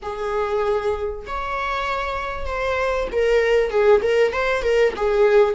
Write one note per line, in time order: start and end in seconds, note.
0.02 1.26 G#4
1.26 2.46 C#5
2.46 3.08 C5
3.12 3.70 A#4
3.70 4.01 G#4
4.02 4.32 A#4
4.32 4.62 C5
4.62 4.93 A#4
4.96 5.54 G#4